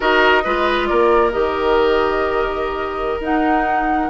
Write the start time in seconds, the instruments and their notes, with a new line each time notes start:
0.00 bassoon D#4, clarinet F#4, oboe A#4, flute D#5
0.44 bassoon G#3, clarinet F4, oboe B4
0.86 bassoon A#3, oboe A#4, flute D5
1.31 bassoon D#3, clarinet G4, flute D#5
3.19 bassoon D#4, clarinet D#4, flute F#5